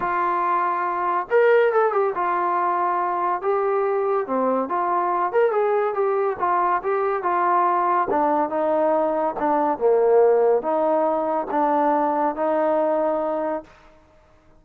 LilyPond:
\new Staff \with { instrumentName = "trombone" } { \time 4/4 \tempo 4 = 141 f'2. ais'4 | a'8 g'8 f'2. | g'2 c'4 f'4~ | f'8 ais'8 gis'4 g'4 f'4 |
g'4 f'2 d'4 | dis'2 d'4 ais4~ | ais4 dis'2 d'4~ | d'4 dis'2. | }